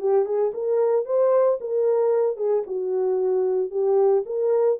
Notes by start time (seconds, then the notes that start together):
0.00 G4
0.25 G#4
0.54 A#4
1.05 C5
1.61 A#4
2.37 G#4
2.67 F#4
3.71 G4
4.26 A#4